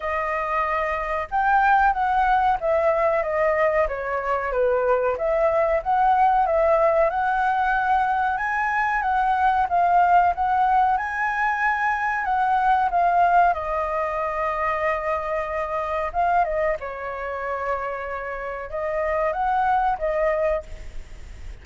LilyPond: \new Staff \with { instrumentName = "flute" } { \time 4/4 \tempo 4 = 93 dis''2 g''4 fis''4 | e''4 dis''4 cis''4 b'4 | e''4 fis''4 e''4 fis''4~ | fis''4 gis''4 fis''4 f''4 |
fis''4 gis''2 fis''4 | f''4 dis''2.~ | dis''4 f''8 dis''8 cis''2~ | cis''4 dis''4 fis''4 dis''4 | }